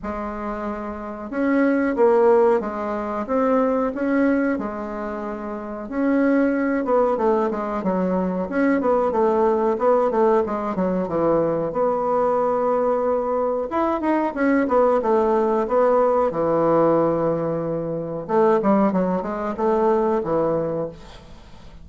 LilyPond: \new Staff \with { instrumentName = "bassoon" } { \time 4/4 \tempo 4 = 92 gis2 cis'4 ais4 | gis4 c'4 cis'4 gis4~ | gis4 cis'4. b8 a8 gis8 | fis4 cis'8 b8 a4 b8 a8 |
gis8 fis8 e4 b2~ | b4 e'8 dis'8 cis'8 b8 a4 | b4 e2. | a8 g8 fis8 gis8 a4 e4 | }